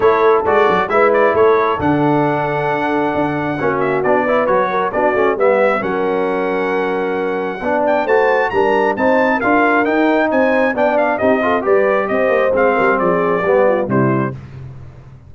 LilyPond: <<
  \new Staff \with { instrumentName = "trumpet" } { \time 4/4 \tempo 4 = 134 cis''4 d''4 e''8 d''8 cis''4 | fis''1~ | fis''8 e''8 d''4 cis''4 d''4 | e''4 fis''2.~ |
fis''4. g''8 a''4 ais''4 | a''4 f''4 g''4 gis''4 | g''8 f''8 dis''4 d''4 dis''4 | f''4 d''2 c''4 | }
  \new Staff \with { instrumentName = "horn" } { \time 4/4 a'2 b'4 a'4~ | a'1 | fis'4. b'4 ais'8 fis'4 | b'4 ais'2.~ |
ais'4 d''4 c''4 ais'4 | c''4 ais'2 c''4 | d''4 g'8 a'8 b'4 c''4~ | c''8 ais'8 gis'4 g'8 f'8 e'4 | }
  \new Staff \with { instrumentName = "trombone" } { \time 4/4 e'4 fis'4 e'2 | d'1 | cis'4 d'8 e'8 fis'4 d'8 cis'8 | b4 cis'2.~ |
cis'4 d'4 fis'4 d'4 | dis'4 f'4 dis'2 | d'4 dis'8 f'8 g'2 | c'2 b4 g4 | }
  \new Staff \with { instrumentName = "tuba" } { \time 4/4 a4 gis8 fis8 gis4 a4 | d2. d'4 | ais4 b4 fis4 b8 a8 | g4 fis2.~ |
fis4 b4 a4 g4 | c'4 d'4 dis'4 c'4 | b4 c'4 g4 c'8 ais8 | gis8 g8 f4 g4 c4 | }
>>